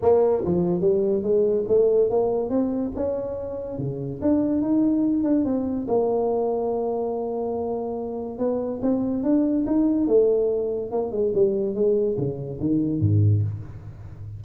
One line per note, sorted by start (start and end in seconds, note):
0.02 0.43 A#3
0.44 0.80 F3
0.80 1.22 G3
1.22 1.64 G#3
1.67 2.09 A3
2.10 2.49 A#3
2.49 2.91 C4
2.95 3.78 C#4
3.78 4.20 C#3
4.21 4.61 D4
4.61 5.23 D#4
5.23 5.44 D4
5.45 5.86 C4
5.87 8.38 A#3
8.38 8.80 B3
8.82 9.23 C4
9.23 9.65 D4
9.66 10.07 D#4
10.07 10.91 A3
10.91 11.11 A#3
11.11 11.32 G#3
11.34 11.74 G3
11.74 12.16 G#3
12.17 12.59 C#3
12.60 13.00 D#3
13.00 13.42 G#2